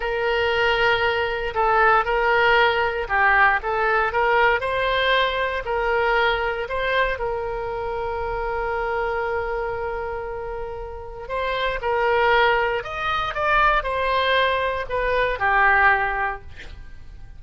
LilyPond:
\new Staff \with { instrumentName = "oboe" } { \time 4/4 \tempo 4 = 117 ais'2. a'4 | ais'2 g'4 a'4 | ais'4 c''2 ais'4~ | ais'4 c''4 ais'2~ |
ais'1~ | ais'2 c''4 ais'4~ | ais'4 dis''4 d''4 c''4~ | c''4 b'4 g'2 | }